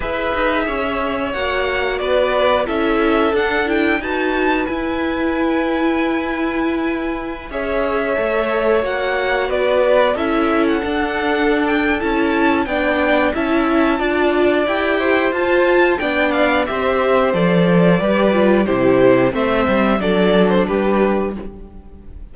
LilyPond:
<<
  \new Staff \with { instrumentName = "violin" } { \time 4/4 \tempo 4 = 90 e''2 fis''4 d''4 | e''4 fis''8 g''8 a''4 gis''4~ | gis''2.~ gis''16 e''8.~ | e''4~ e''16 fis''4 d''4 e''8. |
fis''4. g''8 a''4 g''4 | a''2 g''4 a''4 | g''8 f''8 e''4 d''2 | c''4 e''4 d''8. c''16 b'4 | }
  \new Staff \with { instrumentName = "violin" } { \time 4/4 b'4 cis''2 b'4 | a'2 b'2~ | b'2.~ b'16 cis''8.~ | cis''2~ cis''16 b'4 a'8.~ |
a'2. d''4 | e''4 d''4. c''4. | d''4 c''2 b'4 | g'4 c''4 a'4 g'4 | }
  \new Staff \with { instrumentName = "viola" } { \time 4/4 gis'2 fis'2 | e'4 d'8 e'8 fis'4 e'4~ | e'2.~ e'16 gis'8.~ | gis'16 a'4 fis'2 e'8.~ |
e'16 d'4.~ d'16 e'4 d'4 | e'4 f'4 g'4 f'4 | d'4 g'4 a'4 g'8 f'8 | e'4 c'4 d'2 | }
  \new Staff \with { instrumentName = "cello" } { \time 4/4 e'8 dis'8 cis'4 ais4 b4 | cis'4 d'4 dis'4 e'4~ | e'2.~ e'16 cis'8.~ | cis'16 a4 ais4 b4 cis'8.~ |
cis'16 d'4.~ d'16 cis'4 b4 | cis'4 d'4 e'4 f'4 | b4 c'4 f4 g4 | c4 a8 g8 fis4 g4 | }
>>